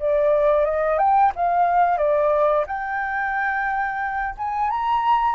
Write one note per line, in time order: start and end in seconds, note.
0.00 0.65 D5
0.65 0.99 D#5
0.99 1.32 G5
1.36 1.98 F5
1.98 2.66 D5
2.67 4.36 G5
4.38 4.71 G#5
4.71 5.36 A#5